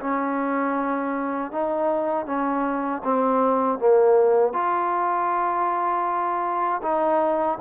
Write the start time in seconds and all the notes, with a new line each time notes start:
0.00 C#4
1.51 D#4
2.26 C#4
3.04 C4
3.78 A#3
4.53 F4
6.82 D#4